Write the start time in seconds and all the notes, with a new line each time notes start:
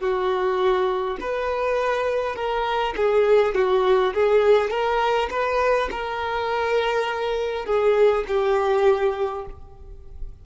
0.00 F#4
1.21 B4
2.36 A#4
2.96 G#4
3.55 F#4
4.14 G#4
4.71 A#4
5.30 B4
5.91 A#4
7.66 G#4
8.28 G4